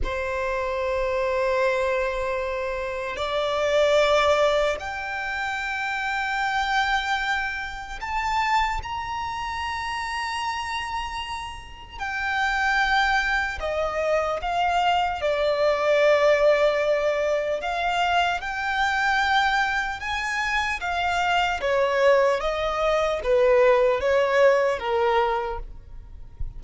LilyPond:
\new Staff \with { instrumentName = "violin" } { \time 4/4 \tempo 4 = 75 c''1 | d''2 g''2~ | g''2 a''4 ais''4~ | ais''2. g''4~ |
g''4 dis''4 f''4 d''4~ | d''2 f''4 g''4~ | g''4 gis''4 f''4 cis''4 | dis''4 b'4 cis''4 ais'4 | }